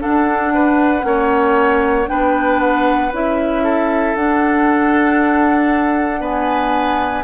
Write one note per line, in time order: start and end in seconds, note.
0.00 1.02 D4
0.00 0.53 A4
0.00 2.08 F#5
0.07 1.04 D4
0.55 1.06 B4
1.02 2.08 A#3
1.02 2.06 C#4
1.02 2.10 C#5
2.08 3.12 B3
2.08 3.11 D4
2.08 3.64 B4
2.08 2.60 G5
2.60 3.12 F#5
3.12 4.16 C#4
3.12 4.17 E4
3.12 4.16 E5
3.64 6.21 A4
4.16 7.24 D4
4.16 6.21 D4
4.16 6.23 F#5
6.21 7.24 B3
6.21 7.24 B4
6.21 7.24 G#5